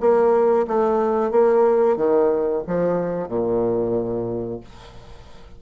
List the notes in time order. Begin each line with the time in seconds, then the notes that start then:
0.00 A#3
0.67 A3
1.31 A#3
1.97 D#3
2.67 F3
3.28 A#2